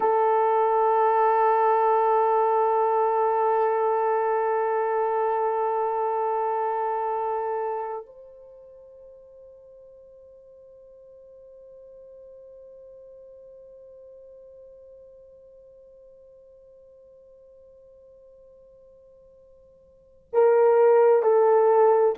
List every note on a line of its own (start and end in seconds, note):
0.00 8.06 A4
8.06 20.29 C5
20.32 21.22 A#4
21.22 22.15 A4